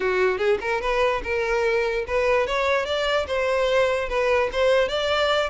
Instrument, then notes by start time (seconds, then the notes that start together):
violin
0.00 F#4
0.37 G#4
0.60 A#4
0.81 B4
1.23 A#4
2.07 B4
2.47 C#5
2.85 D5
3.27 C5
4.09 B4
4.52 C5
4.88 D5